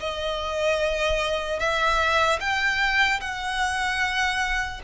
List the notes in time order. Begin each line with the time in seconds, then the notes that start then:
0.00 D#5
1.60 E5
2.40 G5
3.21 F#5